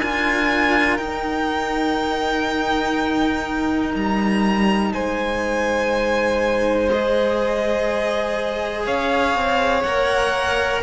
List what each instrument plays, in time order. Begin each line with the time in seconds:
0.00 cello D4 F4, violin A#4 G#5
0.98 cello D#4, violin G5
3.95 cello G3, violin A#5
4.93 cello G#3, violin C5 G#5
6.92 cello G#4, violin D#5
8.86 cello C#4, violin C#5 F5
9.35 cello C4
9.83 cello A#3 A#4, violin F#5